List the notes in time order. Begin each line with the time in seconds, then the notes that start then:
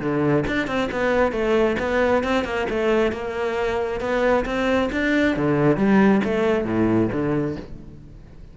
0.00 D3
0.47 D4
0.67 C4
0.92 B3
1.32 A3
1.79 B3
2.23 C4
2.44 A#3
2.70 A3
3.12 A#3
4.00 B3
4.45 C4
4.92 D4
5.37 D3
5.77 G3
6.24 A3
6.65 A2
7.12 D3